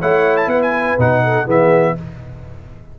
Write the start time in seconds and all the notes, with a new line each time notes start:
0.00 A3 E4 C#5 F#5
0.37 A5
0.47 B3 B4 F#5
0.62 G#5
0.98 B2 D#4 F#5
1.24 A4
1.45 E3 B3 G#4 E5